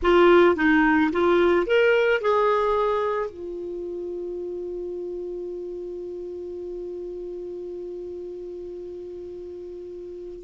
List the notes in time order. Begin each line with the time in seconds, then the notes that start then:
0.02 F4
0.55 D#4
1.12 F4
1.66 A#4
2.21 G#4
3.30 F4